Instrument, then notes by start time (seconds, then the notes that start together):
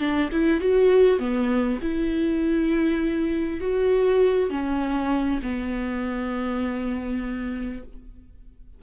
viola
0.00 D4
0.32 E4
0.61 F#4
1.19 B3
1.82 E4
3.61 F#4
4.51 C#4
5.43 B3